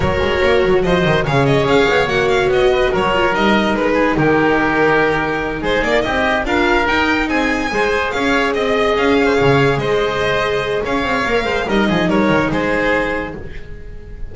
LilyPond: <<
  \new Staff \with { instrumentName = "violin" } { \time 4/4 \tempo 4 = 144 cis''2 dis''4 f''8 dis''8 | f''4 fis''8 f''8 dis''4 cis''4 | dis''4 b'4 ais'2~ | ais'4. c''8 d''8 dis''4 f''8~ |
f''8 g''4 gis''2 f''8~ | f''8 dis''4 f''2 dis''8~ | dis''2 f''2 | dis''4 cis''4 c''2 | }
  \new Staff \with { instrumentName = "oboe" } { \time 4/4 ais'2 c''4 cis''4~ | cis''2~ cis''8 b'8 ais'4~ | ais'4. gis'8 g'2~ | g'4. gis'4 g'4 ais'8~ |
ais'4. gis'4 c''4 cis''8~ | cis''8 dis''4. cis''16 c''16 cis''4 c''8~ | c''2 cis''4. c''8 | ais'8 gis'8 ais'4 gis'2 | }
  \new Staff \with { instrumentName = "viola" } { \time 4/4 fis'2. gis'4~ | gis'4 fis'2~ fis'8 f'8 | dis'1~ | dis'2.~ dis'8 f'8~ |
f'8 dis'2 gis'4.~ | gis'1~ | gis'2. ais'4 | dis'1 | }
  \new Staff \with { instrumentName = "double bass" } { \time 4/4 fis8 gis8 ais8 fis8 f8 dis8 cis4 | cis'8 b8 ais4 b4 fis4 | g4 gis4 dis2~ | dis4. gis8 ais8 c'4 d'8~ |
d'8 dis'4 c'4 gis4 cis'8~ | cis'8 c'4 cis'4 cis4 gis8~ | gis2 cis'8 c'8 ais8 gis8 | g8 f8 g8 dis8 gis2 | }
>>